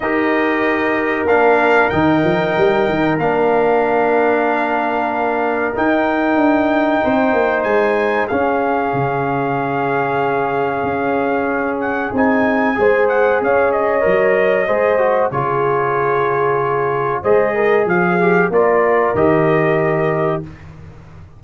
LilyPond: <<
  \new Staff \with { instrumentName = "trumpet" } { \time 4/4 \tempo 4 = 94 dis''2 f''4 g''4~ | g''4 f''2.~ | f''4 g''2. | gis''4 f''2.~ |
f''2~ f''8 fis''8 gis''4~ | gis''8 fis''8 f''8 dis''2~ dis''8 | cis''2. dis''4 | f''4 d''4 dis''2 | }
  \new Staff \with { instrumentName = "horn" } { \time 4/4 ais'1~ | ais'1~ | ais'2. c''4~ | c''4 gis'2.~ |
gis'1 | c''4 cis''2 c''4 | gis'2. c''8 ais'8 | gis'4 ais'2. | }
  \new Staff \with { instrumentName = "trombone" } { \time 4/4 g'2 d'4 dis'4~ | dis'4 d'2.~ | d'4 dis'2.~ | dis'4 cis'2.~ |
cis'2. dis'4 | gis'2 ais'4 gis'8 fis'8 | f'2. gis'4~ | gis'8 g'8 f'4 g'2 | }
  \new Staff \with { instrumentName = "tuba" } { \time 4/4 dis'2 ais4 dis8 f8 | g8 dis8 ais2.~ | ais4 dis'4 d'4 c'8 ais8 | gis4 cis'4 cis2~ |
cis4 cis'2 c'4 | gis4 cis'4 fis4 gis4 | cis2. gis4 | f4 ais4 dis2 | }
>>